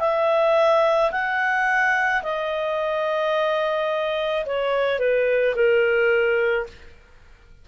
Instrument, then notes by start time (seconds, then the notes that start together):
clarinet
0.00 E5
1.12 F#5
2.23 D#5
4.46 C#5
4.99 B4
5.56 A#4